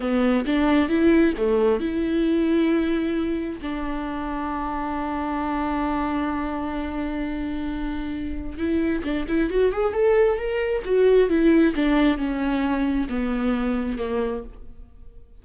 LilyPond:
\new Staff \with { instrumentName = "viola" } { \time 4/4 \tempo 4 = 133 b4 d'4 e'4 a4 | e'1 | d'1~ | d'1~ |
d'2. e'4 | d'8 e'8 fis'8 gis'8 a'4 ais'4 | fis'4 e'4 d'4 cis'4~ | cis'4 b2 ais4 | }